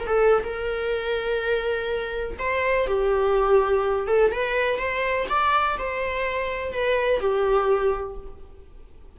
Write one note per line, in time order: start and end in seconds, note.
0.00 0.07 A#4
0.07 0.44 A4
0.44 2.38 A#4
2.40 2.87 C5
2.87 4.08 G4
4.08 4.32 A4
4.32 4.79 B4
4.79 5.28 C5
5.30 5.78 D5
5.79 6.73 C5
6.73 7.21 B4
7.21 8.18 G4